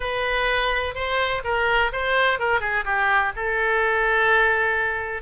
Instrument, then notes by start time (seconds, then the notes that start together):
oboe
0.00 B4
0.94 C5
1.44 A#4
1.92 C5
2.39 A#4
2.60 G#4
2.84 G4
3.35 A4